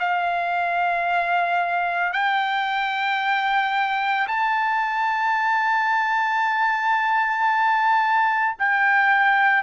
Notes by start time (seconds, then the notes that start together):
0.00 F5
2.13 G5
4.28 A5
8.59 G5